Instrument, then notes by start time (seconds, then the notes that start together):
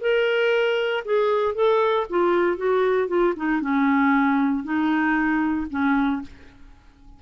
clarinet
0.00 A#4
1.05 G#4
1.54 A4
2.09 F4
2.57 F#4
3.08 F4
3.36 D#4
3.60 C#4
4.63 D#4
5.70 C#4